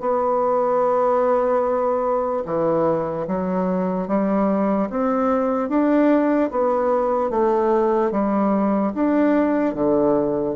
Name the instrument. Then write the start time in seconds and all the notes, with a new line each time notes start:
bassoon
0.00 B3
2.45 E3
3.27 F#3
4.08 G3
4.90 C4
5.69 D4
6.50 B3
7.30 A3
8.11 G3
8.94 D4
9.74 D3